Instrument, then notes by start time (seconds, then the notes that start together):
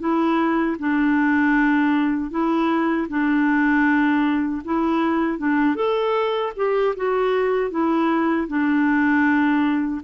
clarinet
0.00 E4
0.79 D4
2.31 E4
3.09 D4
4.65 E4
5.38 D4
5.76 A4
6.57 G4
6.97 F#4
7.71 E4
8.48 D4